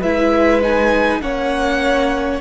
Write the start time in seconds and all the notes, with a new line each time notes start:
0.00 G#3 E4 B4 E5
0.62 D#4 G#5
1.21 A#3 C#4 C#5 F#5